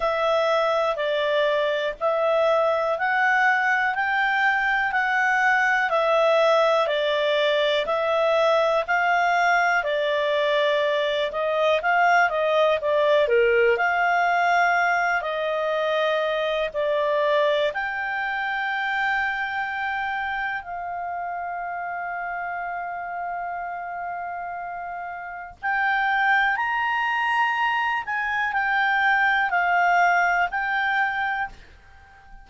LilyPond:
\new Staff \with { instrumentName = "clarinet" } { \time 4/4 \tempo 4 = 61 e''4 d''4 e''4 fis''4 | g''4 fis''4 e''4 d''4 | e''4 f''4 d''4. dis''8 | f''8 dis''8 d''8 ais'8 f''4. dis''8~ |
dis''4 d''4 g''2~ | g''4 f''2.~ | f''2 g''4 ais''4~ | ais''8 gis''8 g''4 f''4 g''4 | }